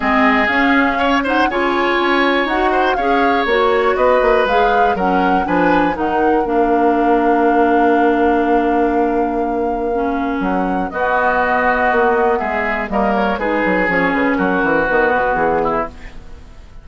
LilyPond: <<
  \new Staff \with { instrumentName = "flute" } { \time 4/4 \tempo 4 = 121 dis''4 f''4. fis''8 gis''4~ | gis''4 fis''4 f''4 cis''4 | dis''4 f''4 fis''4 gis''4 | fis''4 f''2.~ |
f''1~ | f''4 fis''4 dis''2~ | dis''4 e''4 dis''8 cis''8 b'4 | cis''8 b'8 ais'4 b'4 gis'4 | }
  \new Staff \with { instrumentName = "oboe" } { \time 4/4 gis'2 cis''8 c''8 cis''4~ | cis''4. c''8 cis''2 | b'2 ais'4 b'4 | ais'1~ |
ais'1~ | ais'2 fis'2~ | fis'4 gis'4 ais'4 gis'4~ | gis'4 fis'2~ fis'8 e'8 | }
  \new Staff \with { instrumentName = "clarinet" } { \time 4/4 c'4 cis'4. dis'8 f'4~ | f'4 fis'4 gis'4 fis'4~ | fis'4 gis'4 cis'4 d'4 | dis'4 d'2.~ |
d'1 | cis'2 b2~ | b2 ais4 dis'4 | cis'2 b2 | }
  \new Staff \with { instrumentName = "bassoon" } { \time 4/4 gis4 cis'2 cis4 | cis'4 dis'4 cis'4 ais4 | b8 ais8 gis4 fis4 f4 | dis4 ais2.~ |
ais1~ | ais4 fis4 b2 | ais4 gis4 g4 gis8 fis8 | f8 cis8 fis8 e8 dis8 b,8 e4 | }
>>